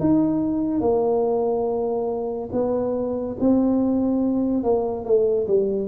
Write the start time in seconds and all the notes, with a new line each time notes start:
0.00 D#4
0.81 A#3
2.52 B3
3.40 C4
4.64 A#3
5.05 A3
5.48 G3